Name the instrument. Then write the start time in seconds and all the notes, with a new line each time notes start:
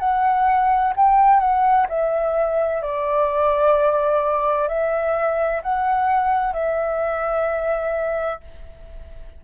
flute
0.00 F#5
0.96 G5
1.40 F#5
1.89 E5
2.83 D5
4.68 E5
5.63 F#5
6.53 E5